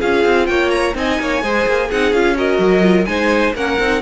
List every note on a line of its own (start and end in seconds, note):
0.00 0.25 C#4
0.00 0.95 F4
0.00 0.47 G#4
0.00 0.47 F5
0.25 0.49 C4
0.47 0.95 A#3
0.47 0.97 C#5
0.47 0.70 G5
0.71 0.94 A#5
0.95 1.19 C4
0.95 1.42 D#4
0.95 1.22 D#5
0.95 1.92 G#5
1.21 1.43 A#3
1.21 1.44 C#5
1.43 1.66 G#3
1.43 1.91 G#4
1.43 1.88 C5
1.67 1.91 A#3
1.88 2.13 C4
1.88 2.15 D#4
1.88 2.35 G#4
1.88 2.13 F#5
2.13 2.59 C#4
2.13 2.36 F4
2.13 2.37 F5
2.36 2.82 F#4
2.36 3.08 A#4
2.36 3.06 D#5
2.59 3.06 F#3
2.82 3.06 F4
3.06 3.55 G#3
3.06 3.54 D#4
3.06 3.56 C5
3.06 3.53 G#5
3.55 3.79 A#3
3.55 3.80 C#4
3.55 4.03 A#4
3.55 4.03 F#5
3.80 4.03 C4
3.80 4.03 D#4